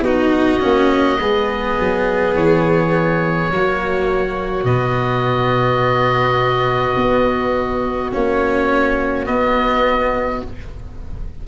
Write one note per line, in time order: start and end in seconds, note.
0.00 0.58 B3
0.00 0.60 D#4
0.00 1.19 F#4
0.00 2.34 D#5
0.60 1.20 A#3
0.60 1.17 C#4
1.20 1.77 G#3
1.20 3.51 B3
1.20 3.52 G#4
1.79 2.34 F#3
2.34 3.49 E3
2.34 4.64 C#5
3.50 4.63 F#3
3.50 4.66 A#3
3.50 10.47 F#4
4.63 6.94 B2
4.63 8.12 B3
4.63 8.10 D#5
6.96 8.11 B3
8.12 9.27 A#3
8.12 9.26 C#4
8.12 9.25 C#5
9.25 10.41 B3
9.25 10.43 B3
9.25 10.41 D#5